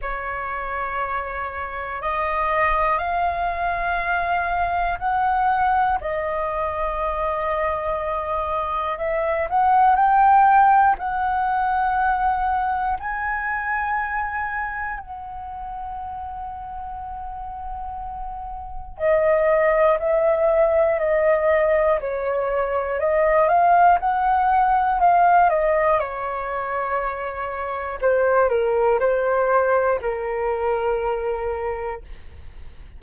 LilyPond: \new Staff \with { instrumentName = "flute" } { \time 4/4 \tempo 4 = 60 cis''2 dis''4 f''4~ | f''4 fis''4 dis''2~ | dis''4 e''8 fis''8 g''4 fis''4~ | fis''4 gis''2 fis''4~ |
fis''2. dis''4 | e''4 dis''4 cis''4 dis''8 f''8 | fis''4 f''8 dis''8 cis''2 | c''8 ais'8 c''4 ais'2 | }